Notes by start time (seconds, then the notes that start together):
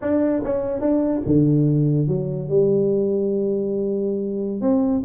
0.01 D4
0.44 C#4
0.80 D4
1.26 D3
2.07 F#3
2.48 G3
4.61 C4